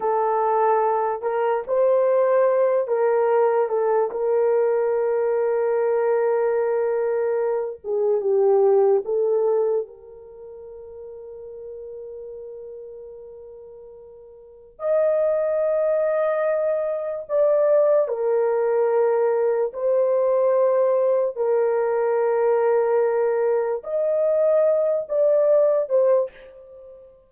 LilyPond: \new Staff \with { instrumentName = "horn" } { \time 4/4 \tempo 4 = 73 a'4. ais'8 c''4. ais'8~ | ais'8 a'8 ais'2.~ | ais'4. gis'8 g'4 a'4 | ais'1~ |
ais'2 dis''2~ | dis''4 d''4 ais'2 | c''2 ais'2~ | ais'4 dis''4. d''4 c''8 | }